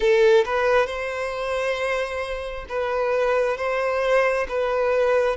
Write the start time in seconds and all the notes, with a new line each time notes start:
0.00 A4
0.45 B4
0.86 C5
2.69 B4
3.57 C5
4.48 B4